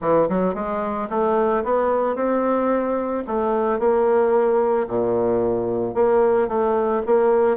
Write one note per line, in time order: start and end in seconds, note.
0.01 0.28 E3
0.29 0.54 F#3
0.54 1.08 G#3
1.09 1.63 A3
1.64 2.15 B3
2.15 3.23 C4
3.27 3.79 A3
3.79 4.87 A#3
4.87 5.94 A#2
5.94 6.47 A#3
6.47 7.01 A3
7.05 7.57 A#3